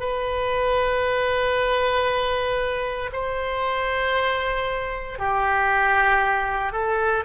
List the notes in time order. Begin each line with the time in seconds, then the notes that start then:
0.00 B4
3.13 C5
5.19 G4
6.72 A4